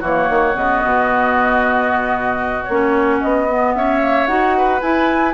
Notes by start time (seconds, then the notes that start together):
0.00 E3 A#3 F#4 C#5
0.29 D#3
0.54 C#3 B3 D#5
0.84 B2
2.64 A#3 C#4 C#5
3.21 B3 D#5
3.48 B3
3.74 C#4 C#5 E5
4.00 A#3
4.27 D#4 F#4 F#5
4.57 B4
4.81 E4 G#5